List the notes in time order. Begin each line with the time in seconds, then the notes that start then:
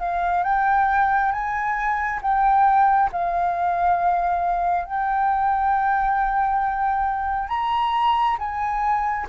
0.00 F5
0.44 G5
1.32 G#5
2.22 G5
3.12 F5
4.85 G5
7.49 A#5
8.39 G#5